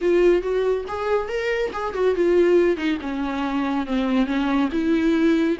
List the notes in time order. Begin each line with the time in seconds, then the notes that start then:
0.01 F4
0.42 F#4
0.87 G#4
1.28 A#4
1.72 G#4
1.93 F#4
2.15 F4
2.76 D#4
3.01 C#4
3.86 C4
4.26 C#4
4.71 E4